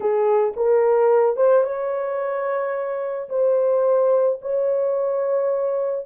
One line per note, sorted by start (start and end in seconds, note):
0.00 0.54 G#4
0.56 1.36 A#4
1.36 1.63 C5
1.63 3.29 C#5
3.29 4.39 C5
4.41 6.06 C#5